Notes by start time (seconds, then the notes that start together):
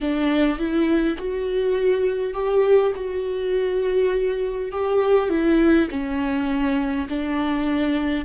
0.01 D4
0.58 E4
1.18 F#4
2.33 G4
2.95 F#4
4.71 G4
5.29 E4
5.89 C#4
7.09 D4